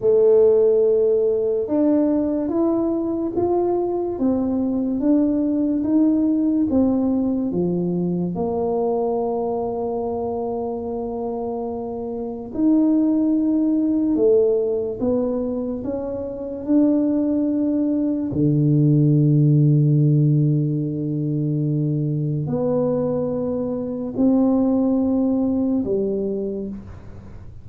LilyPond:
\new Staff \with { instrumentName = "tuba" } { \time 4/4 \tempo 4 = 72 a2 d'4 e'4 | f'4 c'4 d'4 dis'4 | c'4 f4 ais2~ | ais2. dis'4~ |
dis'4 a4 b4 cis'4 | d'2 d2~ | d2. b4~ | b4 c'2 g4 | }